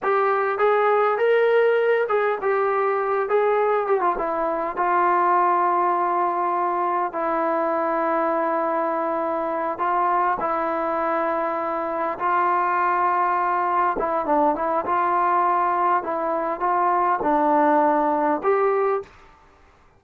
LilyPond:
\new Staff \with { instrumentName = "trombone" } { \time 4/4 \tempo 4 = 101 g'4 gis'4 ais'4. gis'8 | g'4. gis'4 g'16 f'16 e'4 | f'1 | e'1~ |
e'8 f'4 e'2~ e'8~ | e'8 f'2. e'8 | d'8 e'8 f'2 e'4 | f'4 d'2 g'4 | }